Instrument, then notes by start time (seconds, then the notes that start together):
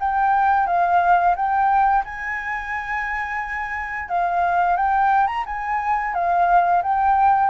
flute
0.00 G5
0.67 F5
1.36 G5
2.05 G#5
4.09 F5
4.77 G5
5.27 A#5
5.46 G#5
6.14 F5
6.83 G5